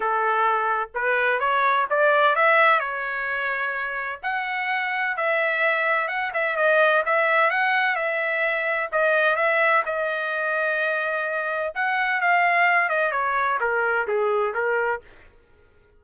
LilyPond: \new Staff \with { instrumentName = "trumpet" } { \time 4/4 \tempo 4 = 128 a'2 b'4 cis''4 | d''4 e''4 cis''2~ | cis''4 fis''2 e''4~ | e''4 fis''8 e''8 dis''4 e''4 |
fis''4 e''2 dis''4 | e''4 dis''2.~ | dis''4 fis''4 f''4. dis''8 | cis''4 ais'4 gis'4 ais'4 | }